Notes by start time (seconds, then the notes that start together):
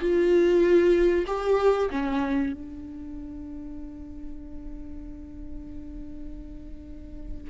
0.00 F4
1.27 G4
1.90 C#4
2.53 D4